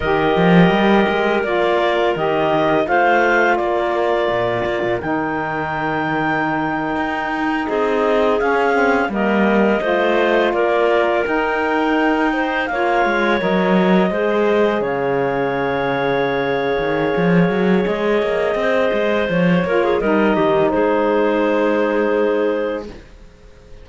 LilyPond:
<<
  \new Staff \with { instrumentName = "clarinet" } { \time 4/4 \tempo 4 = 84 dis''2 d''4 dis''4 | f''4 d''2 g''4~ | g''2~ g''8. dis''4 f''16~ | f''8. dis''2 d''4 g''16~ |
g''4.~ g''16 f''4 dis''4~ dis''16~ | dis''8. f''2.~ f''16~ | f''4 dis''2 cis''4 | dis''4 c''2. | }
  \new Staff \with { instrumentName = "clarinet" } { \time 4/4 ais'1 | c''4 ais'2.~ | ais'2~ ais'8. gis'4~ gis'16~ | gis'8. ais'4 c''4 ais'4~ ais'16~ |
ais'4~ ais'16 c''8 cis''2 c''16~ | c''8. cis''2.~ cis''16~ | cis''2 c''4. ais'16 gis'16 | ais'8 g'8 gis'2. | }
  \new Staff \with { instrumentName = "saxophone" } { \time 4/4 g'2 f'4 g'4 | f'2. dis'4~ | dis'2.~ dis'8. cis'16~ | cis'16 c'8 ais4 f'2 dis'16~ |
dis'4.~ dis'16 f'4 ais'4 gis'16~ | gis'1~ | gis'2.~ gis'8 f'8 | dis'1 | }
  \new Staff \with { instrumentName = "cello" } { \time 4/4 dis8 f8 g8 gis8 ais4 dis4 | a4 ais4 ais,8 ais16 ais,16 dis4~ | dis4.~ dis16 dis'4 c'4 cis'16~ | cis'8. g4 a4 ais4 dis'16~ |
dis'4.~ dis'16 ais8 gis8 fis4 gis16~ | gis8. cis2~ cis8. dis8 | f8 fis8 gis8 ais8 c'8 gis8 f8 ais8 | g8 dis8 gis2. | }
>>